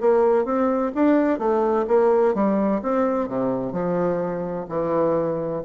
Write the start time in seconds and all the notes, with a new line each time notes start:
0.00 A#3
0.45 C4
0.95 D4
1.38 A3
1.87 A#3
2.34 G3
2.82 C4
3.28 C3
3.72 F3
4.68 E3